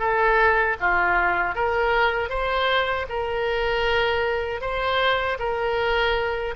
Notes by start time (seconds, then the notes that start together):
0.00 A4
0.81 F4
1.56 A#4
2.30 C5
3.09 A#4
4.62 C5
5.40 A#4